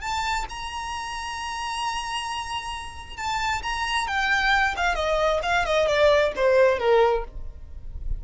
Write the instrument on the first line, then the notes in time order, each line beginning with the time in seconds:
violin
0.00 A5
0.49 A#5
3.17 A5
3.62 A#5
4.07 G5
4.76 F5
4.95 D#5
5.42 F5
5.65 D#5
5.87 D5
6.35 C5
6.79 A#4